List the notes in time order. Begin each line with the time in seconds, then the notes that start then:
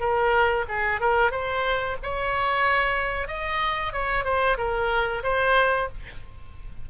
0.00 A#4
0.68 G#4
1.00 A#4
1.31 C5
2.03 C#5
3.28 D#5
3.92 C#5
4.25 C5
4.57 A#4
5.23 C5